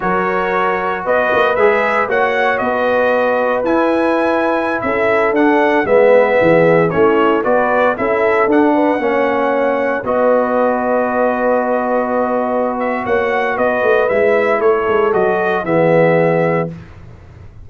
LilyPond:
<<
  \new Staff \with { instrumentName = "trumpet" } { \time 4/4 \tempo 4 = 115 cis''2 dis''4 e''4 | fis''4 dis''2 gis''4~ | gis''4~ gis''16 e''4 fis''4 e''8.~ | e''4~ e''16 cis''4 d''4 e''8.~ |
e''16 fis''2. dis''8.~ | dis''1~ | dis''8 e''8 fis''4 dis''4 e''4 | cis''4 dis''4 e''2 | }
  \new Staff \with { instrumentName = "horn" } { \time 4/4 ais'2 b'2 | cis''4 b'2.~ | b'4~ b'16 a'2 b'8.~ | b'16 gis'4 e'4 b'4 a'8.~ |
a'8. b'8 cis''2 b'8.~ | b'1~ | b'4 cis''4 b'2 | a'2 gis'2 | }
  \new Staff \with { instrumentName = "trombone" } { \time 4/4 fis'2. gis'4 | fis'2. e'4~ | e'2~ e'16 d'4 b8.~ | b4~ b16 cis'4 fis'4 e'8.~ |
e'16 d'4 cis'2 fis'8.~ | fis'1~ | fis'2. e'4~ | e'4 fis'4 b2 | }
  \new Staff \with { instrumentName = "tuba" } { \time 4/4 fis2 b8 ais8 gis4 | ais4 b2 e'4~ | e'4~ e'16 cis'4 d'4 gis8.~ | gis16 e4 a4 b4 cis'8.~ |
cis'16 d'4 ais2 b8.~ | b1~ | b4 ais4 b8 a8 gis4 | a8 gis8 fis4 e2 | }
>>